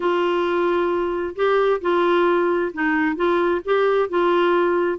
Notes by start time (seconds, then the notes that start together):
0.00 F4
1.35 G4
1.81 F4
2.73 D#4
3.15 F4
3.64 G4
4.09 F4